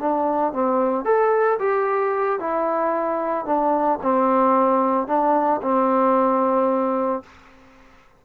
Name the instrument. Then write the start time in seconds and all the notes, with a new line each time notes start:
trombone
0.00 D4
0.53 C4
1.05 A4
1.59 G4
2.40 E4
3.46 D4
4.03 C4
5.07 D4
5.62 C4